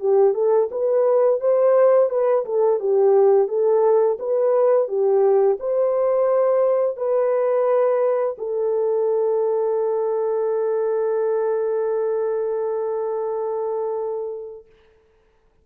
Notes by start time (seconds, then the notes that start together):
0.00 G4
0.34 A4
0.71 B4
1.41 C5
2.10 B4
2.45 A4
2.80 G4
3.48 A4
4.19 B4
4.88 G4
5.60 C5
6.97 B4
8.38 A4